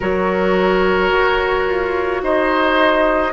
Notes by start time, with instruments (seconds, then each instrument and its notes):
0.00 bassoon F#3, clarinet F#4, oboe A#4, flute C#5
1.12 bassoon F#4
1.67 bassoon F4
2.22 bassoon D#4, oboe C5, flute D#5